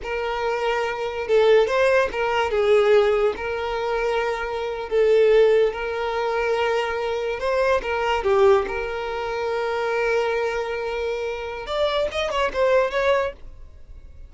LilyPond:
\new Staff \with { instrumentName = "violin" } { \time 4/4 \tempo 4 = 144 ais'2. a'4 | c''4 ais'4 gis'2 | ais'2.~ ais'8. a'16~ | a'4.~ a'16 ais'2~ ais'16~ |
ais'4.~ ais'16 c''4 ais'4 g'16~ | g'8. ais'2.~ ais'16~ | ais'1 | d''4 dis''8 cis''8 c''4 cis''4 | }